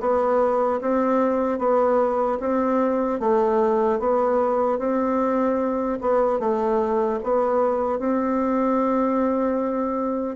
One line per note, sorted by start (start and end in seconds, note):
0.00 0.80 B3
0.81 1.59 C4
1.59 2.39 B3
2.40 3.20 C4
3.20 3.99 A3
3.99 4.79 B3
4.79 5.99 C4
6.01 6.39 B3
6.39 7.19 A3
7.23 7.99 B3
7.99 10.36 C4